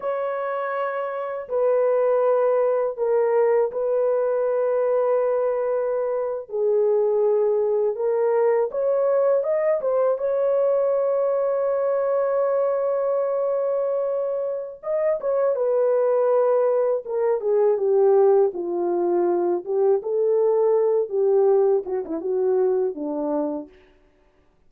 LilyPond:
\new Staff \with { instrumentName = "horn" } { \time 4/4 \tempo 4 = 81 cis''2 b'2 | ais'4 b'2.~ | b'8. gis'2 ais'4 cis''16~ | cis''8. dis''8 c''8 cis''2~ cis''16~ |
cis''1 | dis''8 cis''8 b'2 ais'8 gis'8 | g'4 f'4. g'8 a'4~ | a'8 g'4 fis'16 e'16 fis'4 d'4 | }